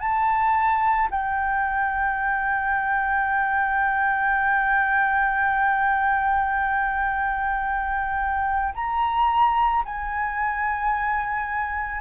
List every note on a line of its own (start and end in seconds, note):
0.00 1.09 A5
1.11 8.75 G5
8.75 9.84 A#5
9.85 12.01 G#5